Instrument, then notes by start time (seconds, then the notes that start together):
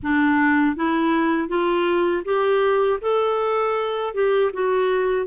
clarinet
0.02 D4
0.76 E4
1.48 F4
2.24 G4
3.01 A4
4.14 G4
4.53 F#4